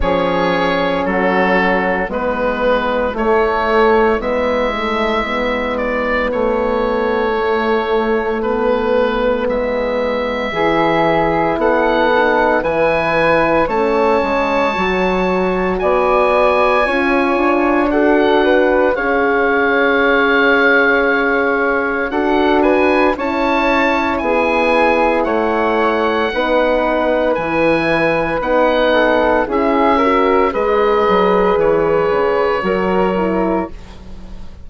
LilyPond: <<
  \new Staff \with { instrumentName = "oboe" } { \time 4/4 \tempo 4 = 57 cis''4 a'4 b'4 cis''4 | e''4. d''8 cis''2 | b'4 e''2 fis''4 | gis''4 a''2 gis''4~ |
gis''4 fis''4 f''2~ | f''4 fis''8 gis''8 a''4 gis''4 | fis''2 gis''4 fis''4 | e''4 dis''4 cis''2 | }
  \new Staff \with { instrumentName = "flute" } { \time 4/4 gis'4 fis'4 e'2~ | e'1~ | e'2 gis'4 a'4 | b'4 cis''2 d''4 |
cis''4 a'8 b'8 cis''2~ | cis''4 a'8 b'8 cis''4 gis'4 | cis''4 b'2~ b'8 a'8 | gis'8 ais'8 b'2 ais'4 | }
  \new Staff \with { instrumentName = "horn" } { \time 4/4 cis'2 b4 a4 | b8 a8 b2 a4 | b2 e'4. dis'8 | e'4 cis'4 fis'2 |
f'4 fis'4 gis'2~ | gis'4 fis'4 e'2~ | e'4 dis'4 e'4 dis'4 | e'8 fis'8 gis'2 fis'8 e'8 | }
  \new Staff \with { instrumentName = "bassoon" } { \time 4/4 f4 fis4 gis4 a4 | gis2 a2~ | a4 gis4 e4 b4 | e4 a8 gis8 fis4 b4 |
cis'8 d'4. cis'2~ | cis'4 d'4 cis'4 b4 | a4 b4 e4 b4 | cis'4 gis8 fis8 e8 cis8 fis4 | }
>>